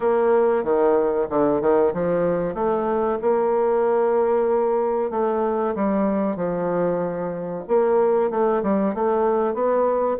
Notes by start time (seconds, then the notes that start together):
0.00 A#3
0.63 D#3
1.29 D3
1.61 D#3
1.93 F3
2.54 A3
3.21 A#3
5.10 A3
5.74 G3
6.36 F3
7.67 A#3
8.30 A3
8.62 G3
8.94 A3
9.53 B3